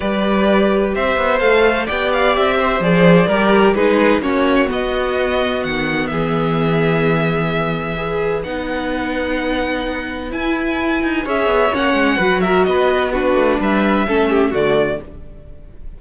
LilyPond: <<
  \new Staff \with { instrumentName = "violin" } { \time 4/4 \tempo 4 = 128 d''2 e''4 f''4 | g''8 f''8 e''4 d''2 | b'4 cis''4 dis''2 | fis''4 e''2.~ |
e''2 fis''2~ | fis''2 gis''2 | e''4 fis''4. e''8 dis''4 | b'4 e''2 d''4 | }
  \new Staff \with { instrumentName = "violin" } { \time 4/4 b'2 c''2 | d''4. c''4. ais'4 | gis'4 fis'2.~ | fis'4 gis'2.~ |
gis'4 b'2.~ | b'1 | cis''2 b'8 ais'8 b'4 | fis'4 b'4 a'8 g'8 fis'4 | }
  \new Staff \with { instrumentName = "viola" } { \time 4/4 g'2. a'4 | g'2 gis'4 g'4 | dis'4 cis'4 b2~ | b1~ |
b4 gis'4 dis'2~ | dis'2 e'2 | gis'4 cis'4 fis'2 | d'2 cis'4 a4 | }
  \new Staff \with { instrumentName = "cello" } { \time 4/4 g2 c'8 b8 a4 | b4 c'4 f4 g4 | gis4 ais4 b2 | dis4 e2.~ |
e2 b2~ | b2 e'4. dis'8 | cis'8 b8 ais8 gis8 fis4 b4~ | b8 a8 g4 a4 d4 | }
>>